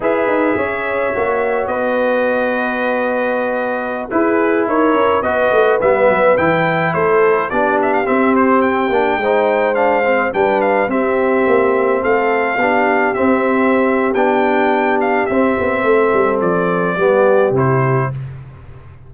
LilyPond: <<
  \new Staff \with { instrumentName = "trumpet" } { \time 4/4 \tempo 4 = 106 e''2. dis''4~ | dis''2.~ dis''16 b'8.~ | b'16 cis''4 dis''4 e''4 g''8.~ | g''16 c''4 d''8 e''16 f''16 e''8 c''8 g''8.~ |
g''4~ g''16 f''4 g''8 f''8 e''8.~ | e''4~ e''16 f''2 e''8.~ | e''4 g''4. f''8 e''4~ | e''4 d''2 c''4 | }
  \new Staff \with { instrumentName = "horn" } { \time 4/4 b'4 cis''2 b'4~ | b'2.~ b'16 gis'8.~ | gis'16 ais'4 b'2~ b'8.~ | b'16 a'4 g'2~ g'8.~ |
g'16 c''2 b'4 g'8.~ | g'4~ g'16 a'4 g'4.~ g'16~ | g'1 | a'2 g'2 | }
  \new Staff \with { instrumentName = "trombone" } { \time 4/4 gis'2 fis'2~ | fis'2.~ fis'16 e'8.~ | e'4~ e'16 fis'4 b4 e'8.~ | e'4~ e'16 d'4 c'4. d'16~ |
d'16 dis'4 d'8 c'8 d'4 c'8.~ | c'2~ c'16 d'4 c'8.~ | c'4 d'2 c'4~ | c'2 b4 e'4 | }
  \new Staff \with { instrumentName = "tuba" } { \time 4/4 e'8 dis'8 cis'4 ais4 b4~ | b2.~ b16 e'8.~ | e'16 dis'8 cis'8 b8 a8 g8 fis8 e8.~ | e16 a4 b4 c'4. ais16~ |
ais16 gis2 g4 c'8.~ | c'16 ais4 a4 b4 c'8.~ | c'4 b2 c'8 b8 | a8 g8 f4 g4 c4 | }
>>